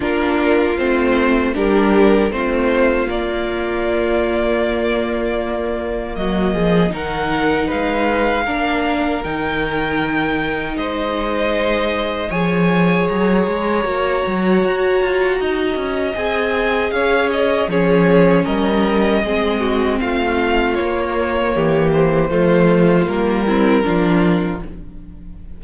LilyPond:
<<
  \new Staff \with { instrumentName = "violin" } { \time 4/4 \tempo 4 = 78 ais'4 c''4 ais'4 c''4 | d''1 | dis''4 fis''4 f''2 | g''2 dis''2 |
gis''4 ais''2.~ | ais''4 gis''4 f''8 dis''8 cis''4 | dis''2 f''4 cis''4~ | cis''8 c''4. ais'2 | }
  \new Staff \with { instrumentName = "violin" } { \time 4/4 f'2 g'4 f'4~ | f'1 | fis'8 gis'8 ais'4 b'4 ais'4~ | ais'2 c''2 |
cis''1 | dis''2 cis''4 gis'4 | ais'4 gis'8 fis'8 f'2 | g'4 f'4. e'8 f'4 | }
  \new Staff \with { instrumentName = "viola" } { \time 4/4 d'4 c'4 d'4 c'4 | ais1~ | ais4 dis'2 d'4 | dis'1 |
gis'2 fis'2~ | fis'4 gis'2 cis'4~ | cis'4 c'2 ais4~ | ais4 a4 ais8 c'8 d'4 | }
  \new Staff \with { instrumentName = "cello" } { \time 4/4 ais4 a4 g4 a4 | ais1 | fis8 f8 dis4 gis4 ais4 | dis2 gis2 |
f4 fis8 gis8 ais8 fis8 fis'8 f'8 | dis'8 cis'8 c'4 cis'4 f4 | g4 gis4 a4 ais4 | e4 f4 g4 f4 | }
>>